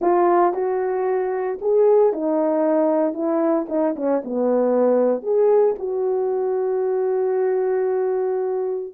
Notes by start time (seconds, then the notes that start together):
0.01 F4
0.53 F#4
1.61 G#4
2.12 D#4
3.13 E4
3.68 D#4
3.96 C#4
4.24 B3
5.22 G#4
5.78 F#4